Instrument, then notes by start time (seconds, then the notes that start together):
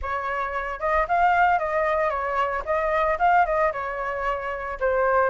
flute
0.02 C#5
0.79 D#5
1.08 F5
1.58 D#5
2.09 C#5
2.65 D#5
3.19 F5
3.45 D#5
3.72 C#5
4.79 C5